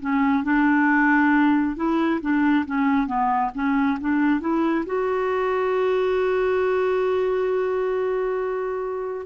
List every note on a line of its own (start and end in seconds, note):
0.00 0.43 C#4
0.43 1.76 D4
1.76 2.20 E4
2.21 2.65 D4
2.66 3.06 C#4
3.06 3.50 B3
3.54 3.98 C#4
4.00 4.40 D4
4.40 4.84 E4
4.86 9.26 F#4